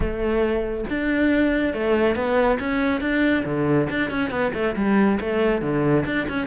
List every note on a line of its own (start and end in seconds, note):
0.00 0.84 A3
0.89 1.73 D4
1.73 2.15 A3
2.15 2.58 B3
2.59 3.00 C#4
3.00 3.44 D4
3.45 3.88 D3
3.89 4.10 D4
4.10 4.30 C#4
4.30 4.51 B3
4.53 4.75 A3
4.75 5.19 G3
5.20 5.61 A3
5.61 6.04 D3
6.05 6.27 D4
6.28 6.47 C#4